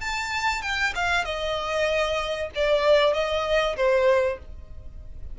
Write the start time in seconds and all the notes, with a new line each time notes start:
0.00 A5
0.61 G5
0.95 F5
1.24 D#5
2.55 D5
3.13 D#5
3.76 C5